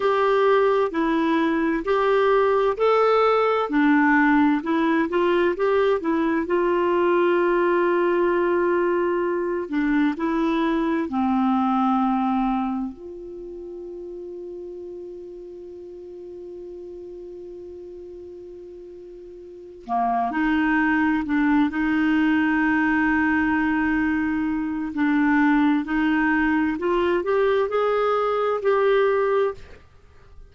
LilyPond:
\new Staff \with { instrumentName = "clarinet" } { \time 4/4 \tempo 4 = 65 g'4 e'4 g'4 a'4 | d'4 e'8 f'8 g'8 e'8 f'4~ | f'2~ f'8 d'8 e'4 | c'2 f'2~ |
f'1~ | f'4. ais8 dis'4 d'8 dis'8~ | dis'2. d'4 | dis'4 f'8 g'8 gis'4 g'4 | }